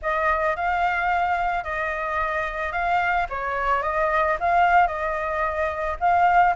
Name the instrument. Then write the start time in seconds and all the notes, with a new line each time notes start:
flute
0.01 D#5
0.56 F5
1.63 D#5
2.72 F5
3.29 C#5
3.82 D#5
4.40 F5
4.87 D#5
6.00 F5